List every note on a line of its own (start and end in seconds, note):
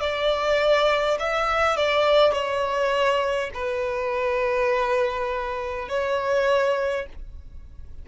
0.00 1.18 D5
1.19 1.76 E5
1.76 2.32 D5
2.32 3.50 C#5
3.53 5.88 B4
5.88 7.06 C#5